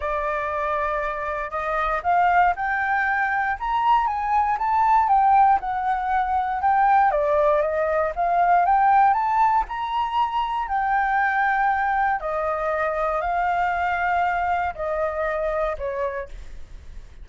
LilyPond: \new Staff \with { instrumentName = "flute" } { \time 4/4 \tempo 4 = 118 d''2. dis''4 | f''4 g''2 ais''4 | gis''4 a''4 g''4 fis''4~ | fis''4 g''4 d''4 dis''4 |
f''4 g''4 a''4 ais''4~ | ais''4 g''2. | dis''2 f''2~ | f''4 dis''2 cis''4 | }